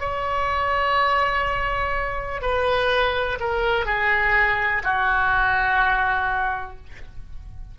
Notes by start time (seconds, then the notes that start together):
0.00 C#5
2.42 B4
3.40 A#4
3.86 G#4
4.84 F#4